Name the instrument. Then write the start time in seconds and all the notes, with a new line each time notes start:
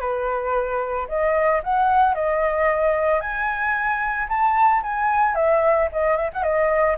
flute
0.00 B4
1.08 D#5
1.63 F#5
2.14 D#5
3.20 G#5
4.28 A5
4.82 G#5
5.34 E5
5.92 D#5
6.16 E5
6.33 F#5
6.43 D#5